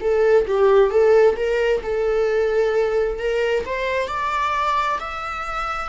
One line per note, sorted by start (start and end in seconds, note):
0.00 0.45 A4
0.47 0.90 G4
0.90 1.36 A4
1.36 1.81 A#4
1.83 3.19 A4
3.19 3.64 A#4
3.65 4.07 C5
4.07 4.98 D5
5.00 5.89 E5